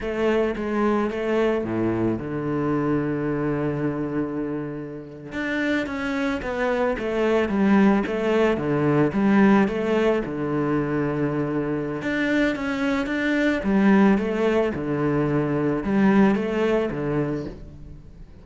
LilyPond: \new Staff \with { instrumentName = "cello" } { \time 4/4 \tempo 4 = 110 a4 gis4 a4 a,4 | d1~ | d4.~ d16 d'4 cis'4 b16~ | b8. a4 g4 a4 d16~ |
d8. g4 a4 d4~ d16~ | d2 d'4 cis'4 | d'4 g4 a4 d4~ | d4 g4 a4 d4 | }